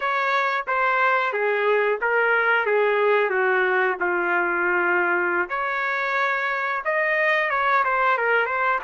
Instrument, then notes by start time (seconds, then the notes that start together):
trumpet
0.00 C#5
0.67 C5
1.32 G#4
2.01 A#4
2.65 G#4
3.30 F#4
3.99 F4
5.48 C#5
6.85 D#5
7.50 C#5
7.84 C5
8.17 A#4
8.45 C5